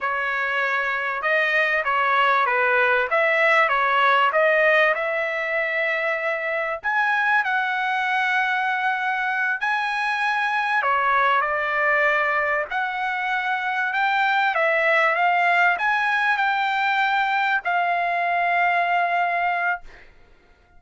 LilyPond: \new Staff \with { instrumentName = "trumpet" } { \time 4/4 \tempo 4 = 97 cis''2 dis''4 cis''4 | b'4 e''4 cis''4 dis''4 | e''2. gis''4 | fis''2.~ fis''8 gis''8~ |
gis''4. cis''4 d''4.~ | d''8 fis''2 g''4 e''8~ | e''8 f''4 gis''4 g''4.~ | g''8 f''2.~ f''8 | }